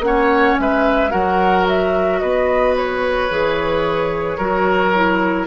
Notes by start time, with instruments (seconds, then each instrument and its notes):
0.00 bassoon A#3, clarinet C#4, flute F#5
0.07 oboe C#5
0.59 bassoon G#3, oboe B4, flute E5
1.10 bassoon F#3, clarinet F#4, oboe A#4, flute F#5
1.68 flute E5
2.20 bassoon B3, oboe B4, flute D#5
2.76 flute C#5
3.30 bassoon E3, clarinet G#4
4.37 bassoon F#3, clarinet F#4, oboe A#4
4.95 clarinet E4